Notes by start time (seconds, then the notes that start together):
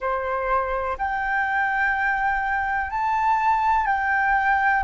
0.00 C5
0.98 G5
2.90 A5
3.86 G5